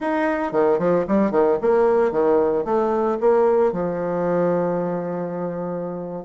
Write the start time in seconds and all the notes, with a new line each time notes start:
0.00 D#4
0.52 D#3
0.78 F3
1.07 G3
1.31 D#3
1.61 A#3
2.11 D#3
2.65 A3
3.20 A#3
3.72 F3